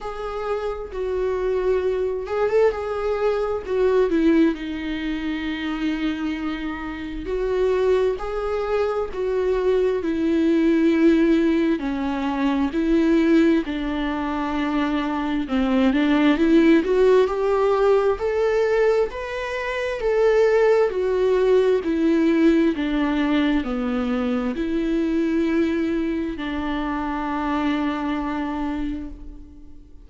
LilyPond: \new Staff \with { instrumentName = "viola" } { \time 4/4 \tempo 4 = 66 gis'4 fis'4. gis'16 a'16 gis'4 | fis'8 e'8 dis'2. | fis'4 gis'4 fis'4 e'4~ | e'4 cis'4 e'4 d'4~ |
d'4 c'8 d'8 e'8 fis'8 g'4 | a'4 b'4 a'4 fis'4 | e'4 d'4 b4 e'4~ | e'4 d'2. | }